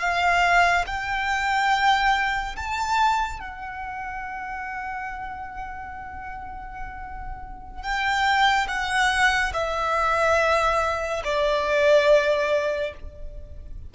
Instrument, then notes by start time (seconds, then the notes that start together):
violin
0.00 F5
0.86 G5
2.56 A5
3.40 F#5
7.82 G5
8.67 F#5
9.53 E5
11.24 D5